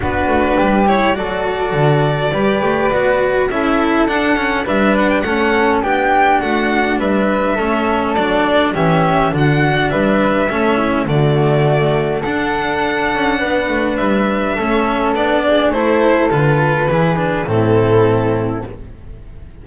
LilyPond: <<
  \new Staff \with { instrumentName = "violin" } { \time 4/4 \tempo 4 = 103 b'4. cis''8 d''2~ | d''2 e''4 fis''4 | e''8 fis''16 g''16 fis''4 g''4 fis''4 | e''2 d''4 e''4 |
fis''4 e''2 d''4~ | d''4 fis''2. | e''2 d''4 c''4 | b'2 a'2 | }
  \new Staff \with { instrumentName = "flute" } { \time 4/4 fis'4 g'4 a'2 | b'2 a'2 | b'4 a'4 g'4 fis'4 | b'4 a'2 g'4 |
fis'4 b'4 a'8 e'8 fis'4~ | fis'4 a'2 b'4~ | b'4 a'4. gis'8 a'4~ | a'4 gis'4 e'2 | }
  \new Staff \with { instrumentName = "cello" } { \time 4/4 d'4. e'8 fis'2 | g'4 fis'4 e'4 d'8 cis'8 | d'4 cis'4 d'2~ | d'4 cis'4 d'4 cis'4 |
d'2 cis'4 a4~ | a4 d'2.~ | d'4 cis'4 d'4 e'4 | f'4 e'8 d'8 c'2 | }
  \new Staff \with { instrumentName = "double bass" } { \time 4/4 b8 a8 g4 fis4 d4 | g8 a8 b4 cis'4 d'4 | g4 a4 b4 a4 | g4 a4 fis4 e4 |
d4 g4 a4 d4~ | d4 d'4. cis'8 b8 a8 | g4 a4 b4 a4 | d4 e4 a,2 | }
>>